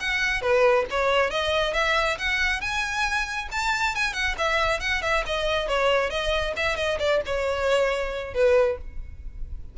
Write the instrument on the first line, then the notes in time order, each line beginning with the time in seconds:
violin
0.00 F#5
0.42 B4
0.90 C#5
1.30 D#5
1.74 E5
2.18 F#5
2.61 G#5
3.52 A5
3.95 G#5
4.13 F#5
4.38 E5
4.80 F#5
5.02 E5
5.26 D#5
5.68 C#5
6.10 D#5
6.56 E5
6.77 D#5
7.00 D5
7.25 C#5
8.34 B4